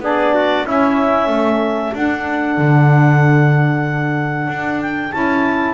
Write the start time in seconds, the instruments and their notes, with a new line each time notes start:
0.00 double bass B3, saxophone D4, trumpet G#4, clarinet D5
0.34 trumpet F#4
0.65 double bass C#4, saxophone C#4, trumpet E4, clarinet E5
1.27 double bass A3, trumpet A4
1.93 saxophone D4, double bass D4, clarinet F#5
2.57 double bass D3
4.48 double bass D4
4.81 clarinet G5
5.12 double bass C#4, saxophone E4, clarinet A5